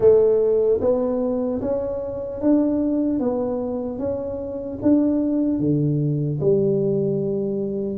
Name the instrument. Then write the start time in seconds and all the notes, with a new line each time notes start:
tuba
0.00 A3
0.80 B3
1.61 C#4
2.41 D4
3.19 B3
3.98 C#4
4.82 D4
5.59 D3
6.40 G3